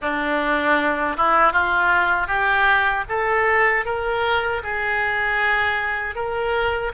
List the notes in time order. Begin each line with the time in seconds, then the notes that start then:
0.01 D4
1.16 E4
1.52 F4
2.27 G4
3.08 A4
3.85 A#4
4.63 G#4
6.15 A#4